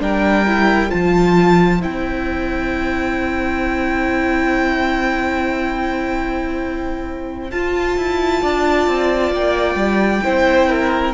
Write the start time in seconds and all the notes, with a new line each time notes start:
0.00 G3 D4 A#4 G5
0.47 E4
0.90 F3 F4 C5 A5
1.80 C4 E4 G5
7.51 F4 A5
7.97 E4
8.42 D4 D5
8.87 C4
9.33 A#3 G5
9.75 G3
10.23 C4 E4 C5
10.70 A#4